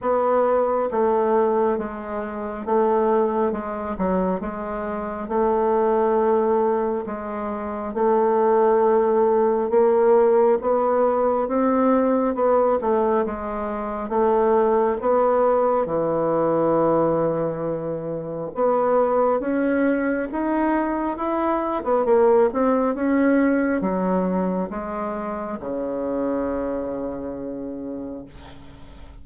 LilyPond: \new Staff \with { instrumentName = "bassoon" } { \time 4/4 \tempo 4 = 68 b4 a4 gis4 a4 | gis8 fis8 gis4 a2 | gis4 a2 ais4 | b4 c'4 b8 a8 gis4 |
a4 b4 e2~ | e4 b4 cis'4 dis'4 | e'8. b16 ais8 c'8 cis'4 fis4 | gis4 cis2. | }